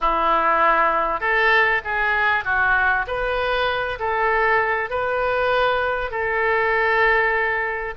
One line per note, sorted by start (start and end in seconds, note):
0.00 1.20 E4
1.20 1.81 A4
1.84 2.44 G#4
2.44 3.05 F#4
3.07 3.99 B4
3.99 4.90 A4
4.90 6.11 B4
6.11 7.94 A4